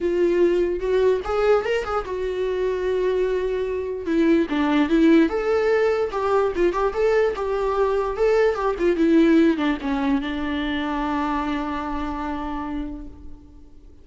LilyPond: \new Staff \with { instrumentName = "viola" } { \time 4/4 \tempo 4 = 147 f'2 fis'4 gis'4 | ais'8 gis'8 fis'2.~ | fis'2 e'4 d'4 | e'4 a'2 g'4 |
f'8 g'8 a'4 g'2 | a'4 g'8 f'8 e'4. d'8 | cis'4 d'2.~ | d'1 | }